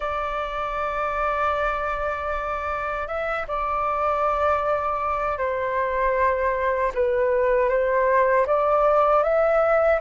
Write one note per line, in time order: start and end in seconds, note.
0.00 3.07 D5
3.07 3.45 E5
3.47 5.38 D5
5.38 6.92 C5
6.94 7.69 B4
7.69 8.46 C5
8.46 9.23 D5
9.23 10.00 E5